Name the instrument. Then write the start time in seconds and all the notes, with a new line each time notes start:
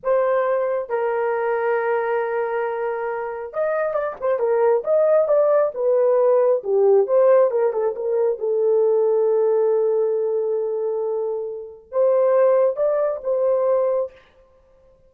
horn
0.03 C5
0.89 A#4
3.53 D#5
3.93 D5
4.20 C5
4.39 A#4
4.83 D#5
5.28 D5
5.74 B4
6.63 G4
7.06 C5
7.50 A#4
7.72 A4
7.95 A#4
8.38 A4
11.91 C5
12.76 D5
13.23 C5